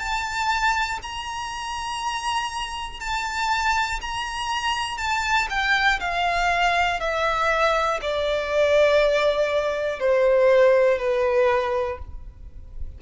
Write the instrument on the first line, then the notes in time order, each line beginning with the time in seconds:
violin
0.00 A5
1.03 A#5
3.01 A5
4.02 A#5
4.98 A5
5.50 G5
6.01 F5
7.01 E5
8.02 D5
10.00 C5
10.99 B4